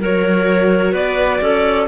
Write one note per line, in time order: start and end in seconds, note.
0.00 0.93 F#3
0.00 1.88 F#4
0.00 0.93 A#4
0.00 0.95 C#5
0.93 1.40 B3
0.93 1.39 B4
0.93 1.88 D5
1.41 1.88 C#4
1.41 1.88 A4